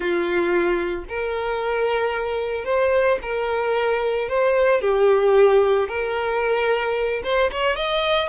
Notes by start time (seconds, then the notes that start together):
0.00 F4
1.09 A#4
2.64 C5
3.21 A#4
4.29 C5
4.81 G4
5.88 A#4
7.23 C5
7.51 C#5
7.76 D#5